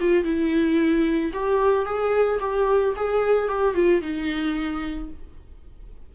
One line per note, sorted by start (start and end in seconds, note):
0.00 0.24 F4
0.24 1.32 E4
1.33 1.85 G4
1.85 2.39 G#4
2.40 2.94 G4
2.96 3.48 G#4
3.48 3.74 G4
3.74 4.01 F4
4.01 5.09 D#4